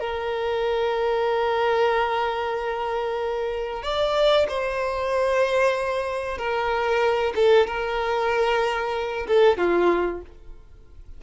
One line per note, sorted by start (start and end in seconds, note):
0.00 3.83 A#4
3.83 4.47 D5
4.49 6.38 C5
6.38 7.33 A#4
7.35 7.67 A4
7.67 9.27 A#4
9.28 9.58 A4
9.58 10.22 F4